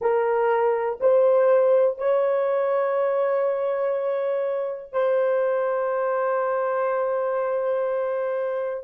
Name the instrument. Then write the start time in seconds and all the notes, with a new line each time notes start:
horn
0.00 A#4
1.00 C5
1.98 C#5
4.92 C5